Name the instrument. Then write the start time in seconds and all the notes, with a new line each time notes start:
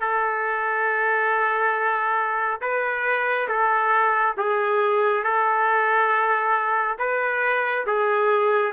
trumpet
0.00 A4
2.61 B4
3.48 A4
4.37 G#4
5.24 A4
6.98 B4
7.87 G#4